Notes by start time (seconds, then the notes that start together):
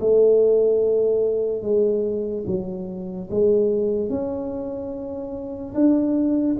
0.00 A3
1.62 G#3
2.47 F#3
3.30 G#3
4.09 C#4
5.75 D4